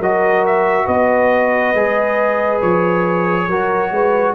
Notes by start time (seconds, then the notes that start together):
0.00 F#3 F#4 A#4 D#5
0.46 E5
0.86 B3 B4 D#5
1.74 G#3 G#4
2.62 F3 C#5
3.48 F#3 F#4 A#4
3.91 G#3 B4